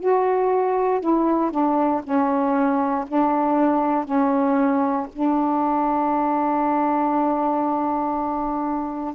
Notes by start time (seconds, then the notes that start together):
0.00 F#4
1.01 E4
1.51 D4
2.04 C#4
3.08 D4
4.05 C#4
5.13 D4